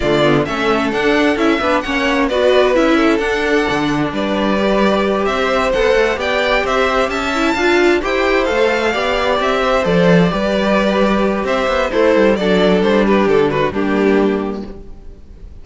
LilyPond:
<<
  \new Staff \with { instrumentName = "violin" } { \time 4/4 \tempo 4 = 131 d''4 e''4 fis''4 e''4 | fis''4 d''4 e''4 fis''4~ | fis''4 d''2~ d''8 e''8~ | e''8 fis''4 g''4 e''4 a''8~ |
a''4. g''4 f''4.~ | f''8 e''4 d''2~ d''8~ | d''4 e''4 c''4 d''4 | c''8 b'8 a'8 b'8 g'2 | }
  \new Staff \with { instrumentName = "violin" } { \time 4/4 f'4 a'2~ a'8 b'8 | cis''4 b'4. a'4.~ | a'4 b'2~ b'8 c''8~ | c''4. d''4 c''4 e''8~ |
e''8 f''4 c''2 d''8~ | d''4 c''4. b'4.~ | b'4 c''4 e'4 a'4~ | a'8 g'4 fis'8 d'2 | }
  \new Staff \with { instrumentName = "viola" } { \time 4/4 a8 b8 cis'4 d'4 e'8 d'8 | cis'4 fis'4 e'4 d'4~ | d'2 g'2~ | g'8 a'4 g'2~ g'8 |
e'8 f'4 g'4 a'4 g'8~ | g'4. a'4 g'4.~ | g'2 a'4 d'4~ | d'2 ais2 | }
  \new Staff \with { instrumentName = "cello" } { \time 4/4 d4 a4 d'4 cis'8 b8 | ais4 b4 cis'4 d'4 | d4 g2~ g8 c'8~ | c'8 b8 a8 b4 c'4 cis'8~ |
cis'8 d'4 e'4 a4 b8~ | b8 c'4 f4 g4.~ | g4 c'8 b8 a8 g8 fis4 | g4 d4 g2 | }
>>